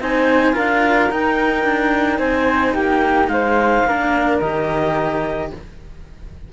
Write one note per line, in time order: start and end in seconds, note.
0.00 0.55 C4
0.00 0.53 D#4
0.00 0.55 C5
0.00 0.57 G#5
0.53 1.11 D4
0.53 1.08 F4
0.53 2.19 A#4
0.53 1.12 F5
1.11 1.64 D#4
1.11 3.87 D#4
1.11 2.19 G5
1.64 2.19 D4
2.19 2.74 C4
2.19 2.74 C5
2.19 2.74 G#5
2.74 3.29 A#3
2.74 3.29 G4
2.74 3.28 G5
3.28 3.84 G#3
3.28 3.88 C5
3.28 4.38 F5
3.84 4.39 A#3
3.84 4.42 D4
3.84 5.53 A#4
4.41 5.52 D#3
4.41 5.52 G4
4.41 5.51 D#5